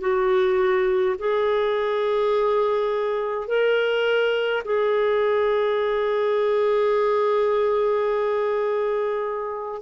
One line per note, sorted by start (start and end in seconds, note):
0.00 1.15 F#4
1.19 3.47 G#4
3.47 4.63 A#4
4.65 9.81 G#4